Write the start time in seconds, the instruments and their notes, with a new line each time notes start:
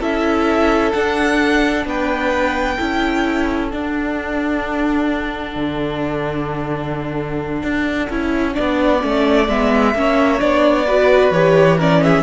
0.00 cello C#4, viola E4, violin A4 E5
0.92 cello D4, viola D4, violin F#5
1.85 cello B3, violin B4 G5
2.77 cello C#4, viola E4, violin A4
3.69 viola D4, cello D4, violin F#5
5.56 cello D3
7.63 cello D4
8.10 cello C#4, viola E4
8.54 cello B3, viola D4, violin D5
9.01 cello A3, viola C#4
9.49 cello G#3, viola B3, violin E5
9.95 cello A#3, viola C#4, violin C#5
10.39 cello B3, viola D4, violin D5
10.86 viola F#4, violin B4
11.31 cello E3, viola G4, violin C#5
11.77 viola C#4, violin A#4 D5
12.03 violin G#4 E5